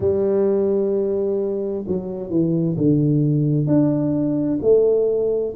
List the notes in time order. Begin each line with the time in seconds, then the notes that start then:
0.00 G3
1.87 F#3
2.30 E3
2.77 D3
3.67 D4
4.62 A3